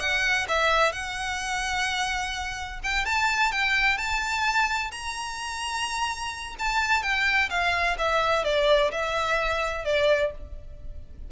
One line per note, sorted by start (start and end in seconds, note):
0.00 0.47 F#5
0.49 0.92 E5
0.92 2.80 F#5
2.84 3.06 G5
3.06 3.52 A5
3.52 3.98 G5
3.98 4.91 A5
4.92 6.56 A#5
6.59 7.03 A5
7.03 7.50 G5
7.50 7.97 F5
7.98 8.44 E5
8.44 8.91 D5
8.91 9.85 E5
9.85 10.32 D5